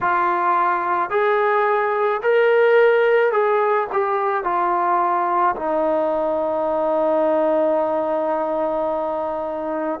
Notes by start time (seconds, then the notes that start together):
0.01 F4
1.10 G#4
2.22 A#4
3.31 G#4
3.92 G4
4.43 F4
5.56 D#4